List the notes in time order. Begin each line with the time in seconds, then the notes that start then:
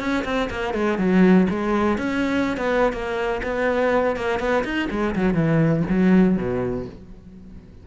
0.00 C#4
0.25 C4
0.51 A#3
0.74 G#3
0.99 F#3
1.50 G#3
1.98 C#4
2.57 B3
2.93 A#3
3.43 B3
4.16 A#3
4.40 B3
4.64 D#4
4.91 G#3
5.16 F#3
5.35 E3
5.90 F#3
6.37 B2